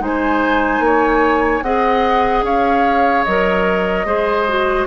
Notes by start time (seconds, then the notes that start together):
0.00 G#3 D#4 C5 G#5
0.80 A#3 C#5
1.62 C4 G#4 D#5 F#5
2.43 C#4 C#5 F5
3.24 F#3 A#4 D#5
4.05 G#3 G#4 C5
4.48 F#4